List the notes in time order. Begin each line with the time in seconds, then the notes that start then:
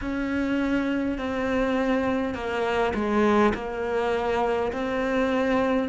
0.01 C#4
1.18 C4
2.34 A#3
2.94 G#3
3.54 A#3
4.72 C4